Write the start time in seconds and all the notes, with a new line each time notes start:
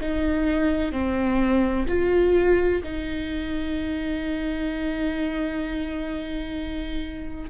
0.00 D#4
0.92 C4
1.88 F4
2.83 D#4